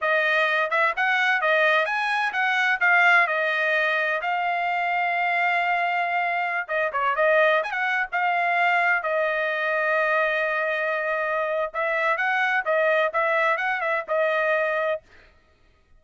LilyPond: \new Staff \with { instrumentName = "trumpet" } { \time 4/4 \tempo 4 = 128 dis''4. e''8 fis''4 dis''4 | gis''4 fis''4 f''4 dis''4~ | dis''4 f''2.~ | f''2~ f''16 dis''8 cis''8 dis''8.~ |
dis''16 gis''16 fis''8. f''2 dis''8.~ | dis''1~ | dis''4 e''4 fis''4 dis''4 | e''4 fis''8 e''8 dis''2 | }